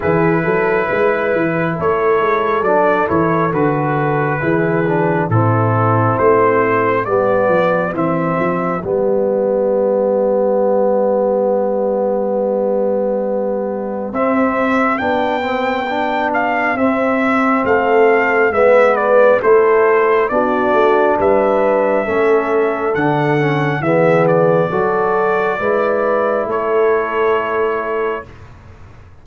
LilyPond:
<<
  \new Staff \with { instrumentName = "trumpet" } { \time 4/4 \tempo 4 = 68 b'2 cis''4 d''8 cis''8 | b'2 a'4 c''4 | d''4 e''4 d''2~ | d''1 |
e''4 g''4. f''8 e''4 | f''4 e''8 d''8 c''4 d''4 | e''2 fis''4 e''8 d''8~ | d''2 cis''2 | }
  \new Staff \with { instrumentName = "horn" } { \time 4/4 gis'8 a'8 b'4 a'2~ | a'4 gis'4 e'2 | g'1~ | g'1~ |
g'1 | a'4 b'4 a'4 fis'4 | b'4 a'2 gis'4 | a'4 b'4 a'2 | }
  \new Staff \with { instrumentName = "trombone" } { \time 4/4 e'2. d'8 e'8 | fis'4 e'8 d'8 c'2 | b4 c'4 b2~ | b1 |
c'4 d'8 c'8 d'4 c'4~ | c'4 b4 e'4 d'4~ | d'4 cis'4 d'8 cis'8 b4 | fis'4 e'2. | }
  \new Staff \with { instrumentName = "tuba" } { \time 4/4 e8 fis8 gis8 e8 a8 gis8 fis8 e8 | d4 e4 a,4 a4 | g8 f8 e8 f8 g2~ | g1 |
c'4 b2 c'4 | a4 gis4 a4 b8 a8 | g4 a4 d4 e4 | fis4 gis4 a2 | }
>>